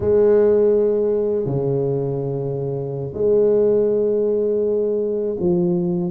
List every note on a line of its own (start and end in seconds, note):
0.00 1.45 G#3
1.45 3.12 C#3
3.13 5.36 G#3
5.39 6.10 F3